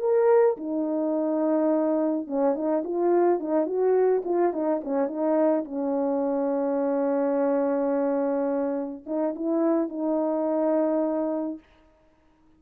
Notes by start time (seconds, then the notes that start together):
0.00 A#4
0.57 D#4
2.27 C#4
2.55 D#4
2.84 F4
3.40 D#4
3.66 F#4
4.25 F4
4.53 D#4
4.84 C#4
5.08 D#4
5.65 C#4
9.06 D#4
9.36 E4
9.89 D#4